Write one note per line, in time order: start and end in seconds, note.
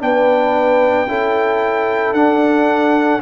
0.00 1.06 B3
0.00 1.07 D4
0.00 1.09 B4
0.00 2.14 G5
1.06 2.12 C#4
1.06 2.15 E4
1.06 3.22 A4
2.12 3.19 D4
2.12 3.22 D4
2.12 3.21 F#5